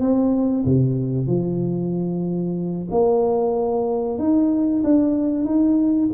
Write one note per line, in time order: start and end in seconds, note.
0.00 0.65 C4
0.65 1.27 C3
1.27 2.88 F3
2.91 4.18 A#3
4.18 4.83 D#4
4.84 5.45 D4
5.45 6.09 D#4